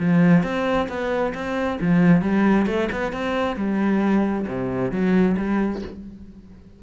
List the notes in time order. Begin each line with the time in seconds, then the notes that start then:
0.00 F3
0.44 C4
0.89 B3
1.35 C4
1.81 F3
2.22 G3
2.67 A3
2.92 B3
3.13 C4
3.57 G3
4.48 C3
4.92 F#3
5.38 G3